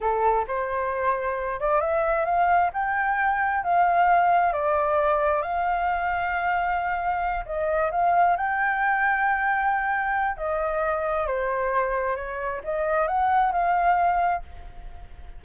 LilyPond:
\new Staff \with { instrumentName = "flute" } { \time 4/4 \tempo 4 = 133 a'4 c''2~ c''8 d''8 | e''4 f''4 g''2 | f''2 d''2 | f''1~ |
f''8 dis''4 f''4 g''4.~ | g''2. dis''4~ | dis''4 c''2 cis''4 | dis''4 fis''4 f''2 | }